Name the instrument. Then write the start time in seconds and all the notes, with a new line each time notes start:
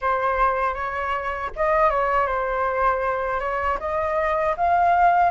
flute
0.01 C5
0.74 C#5
1.56 D#5
1.90 C#5
2.26 C5
3.40 C#5
3.79 D#5
4.56 F5